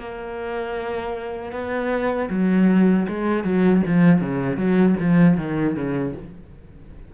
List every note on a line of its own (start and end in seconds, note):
0.00 1.53 A#3
1.53 2.30 B3
2.30 3.07 F#3
3.09 3.44 G#3
3.44 3.83 F#3
3.87 4.21 F3
4.21 4.57 C#3
4.57 4.96 F#3
5.00 5.38 F3
5.38 5.76 D#3
5.76 6.15 C#3